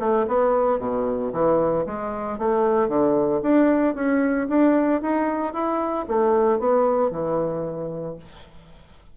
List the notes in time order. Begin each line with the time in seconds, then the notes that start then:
0.00 A3
0.28 B3
0.79 B2
1.33 E3
1.86 G#3
2.39 A3
2.89 D3
3.43 D4
3.95 C#4
4.49 D4
5.02 D#4
5.53 E4
6.08 A3
6.60 B3
7.11 E3